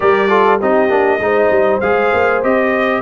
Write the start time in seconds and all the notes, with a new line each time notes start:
0.00 G3 G4 A#4 D5
0.28 F4 A4
0.59 C4 D#4 G4 D#5
0.89 A#3 D4
1.19 G#3 D#4 C5
1.50 G3
1.80 G#3 G#4 F5
2.13 A#3
2.43 C4 G4 D#5